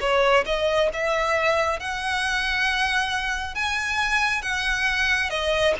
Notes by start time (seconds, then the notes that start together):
0.00 C#5
0.45 D#5
0.93 E5
1.79 F#5
3.55 G#5
4.42 F#5
5.29 D#5